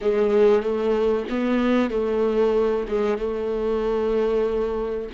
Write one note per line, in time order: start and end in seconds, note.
0.01 0.62 G#3
0.62 1.26 A3
1.29 1.90 B3
1.90 2.86 A3
2.88 3.17 G#3
3.17 5.09 A3